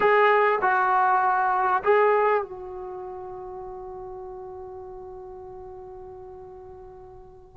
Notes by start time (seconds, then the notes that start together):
0.00 G#4
0.61 F#4
1.83 G#4
2.42 F#4